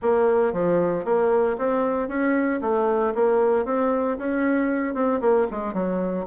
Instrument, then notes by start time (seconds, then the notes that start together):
bassoon
0.02 A#3
0.52 F3
1.04 A#3
1.57 C4
2.08 C#4
2.61 A3
3.14 A#3
3.65 C4
4.17 C#4
4.94 C4
5.20 A#3
5.50 G#3
5.73 F#3